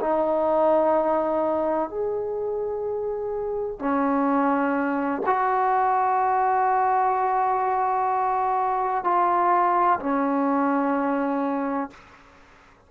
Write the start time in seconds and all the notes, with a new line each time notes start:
0.00 D#4
1.89 G#4
3.79 C#4
5.26 F#4
9.03 F4
9.99 C#4